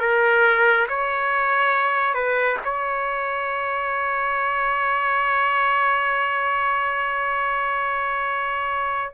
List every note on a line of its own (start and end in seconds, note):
0.00 0.87 A#4
0.89 2.14 C#5
2.14 2.58 B4
2.64 9.14 C#5